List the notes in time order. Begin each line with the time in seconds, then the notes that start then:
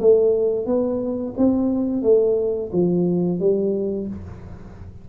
0.00 A3
0.66 B3
1.38 C4
2.03 A3
2.73 F3
3.40 G3